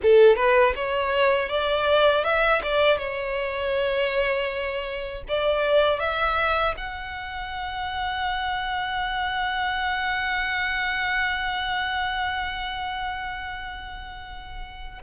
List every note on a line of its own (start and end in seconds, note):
0.02 0.36 A4
0.36 0.73 B4
0.75 1.49 C#5
1.49 2.24 D5
2.24 2.61 E5
2.62 2.98 D5
2.98 5.23 C#5
5.28 5.99 D5
5.99 6.74 E5
6.77 15.02 F#5